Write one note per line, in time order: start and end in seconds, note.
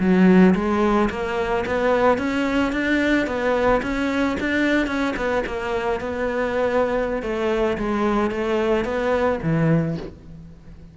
0.00 0.55 F#3
0.55 1.10 G#3
1.10 1.65 A#3
1.66 2.18 B3
2.18 2.73 C#4
2.73 3.27 D4
3.27 3.82 B3
3.83 4.37 C#4
4.40 4.87 D4
4.87 5.15 C#4
5.17 5.44 B3
5.47 6.01 A#3
6.01 7.23 B3
7.23 7.78 A3
7.78 8.31 G#3
8.31 8.85 A3
8.85 9.40 B3
9.43 9.97 E3